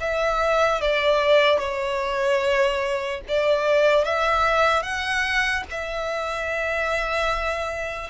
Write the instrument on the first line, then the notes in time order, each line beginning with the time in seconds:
violin
0.00 E5
0.81 D5
1.59 C#5
3.28 D5
4.05 E5
4.82 F#5
5.71 E5